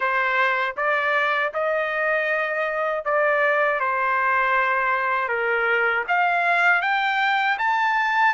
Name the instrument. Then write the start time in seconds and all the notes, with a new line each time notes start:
trumpet
0.00 C5
0.76 D5
1.53 D#5
3.04 D5
3.79 C5
5.28 A#4
6.08 F5
6.81 G5
7.58 A5